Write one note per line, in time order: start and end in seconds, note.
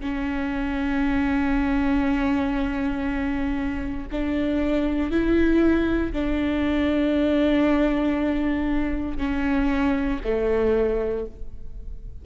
0.00 4.07 C#4
4.11 5.11 D4
5.11 6.12 E4
6.12 9.18 D4
9.18 10.19 C#4
10.24 11.26 A3